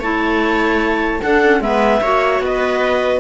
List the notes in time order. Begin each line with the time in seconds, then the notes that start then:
0.00 A3 E4 C#5 A5
1.21 D4 A4 F#5
1.44 C#4
1.60 G#3 B3 B4 E5
2.02 A#3 F#4 C#5
2.40 B3 D#5
2.46 B4